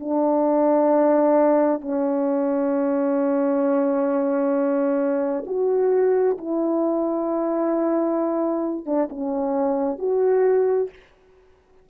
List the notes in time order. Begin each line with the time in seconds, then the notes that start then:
0.00 D4
1.81 C#4
5.47 F#4
6.38 E4
8.86 D4
9.10 C#4
9.99 F#4